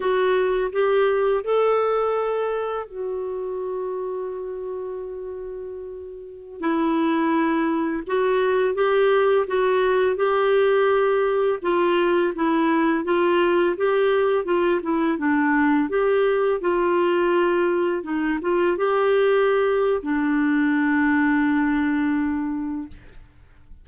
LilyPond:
\new Staff \with { instrumentName = "clarinet" } { \time 4/4 \tempo 4 = 84 fis'4 g'4 a'2 | fis'1~ | fis'4~ fis'16 e'2 fis'8.~ | fis'16 g'4 fis'4 g'4.~ g'16~ |
g'16 f'4 e'4 f'4 g'8.~ | g'16 f'8 e'8 d'4 g'4 f'8.~ | f'4~ f'16 dis'8 f'8 g'4.~ g'16 | d'1 | }